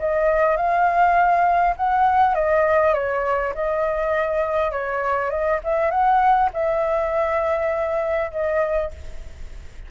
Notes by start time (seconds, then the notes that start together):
0.00 D#5
0.57 F5
1.77 F#5
2.35 D#5
2.94 C#5
3.55 D#5
4.72 C#5
5.31 D#5
5.64 E5
5.91 F#5
6.54 E5
8.32 D#5